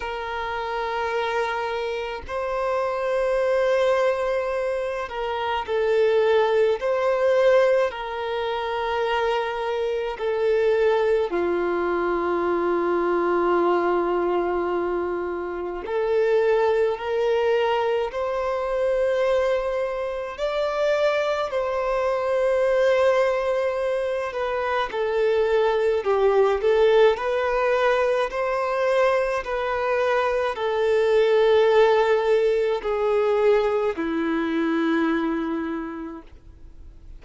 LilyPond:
\new Staff \with { instrumentName = "violin" } { \time 4/4 \tempo 4 = 53 ais'2 c''2~ | c''8 ais'8 a'4 c''4 ais'4~ | ais'4 a'4 f'2~ | f'2 a'4 ais'4 |
c''2 d''4 c''4~ | c''4. b'8 a'4 g'8 a'8 | b'4 c''4 b'4 a'4~ | a'4 gis'4 e'2 | }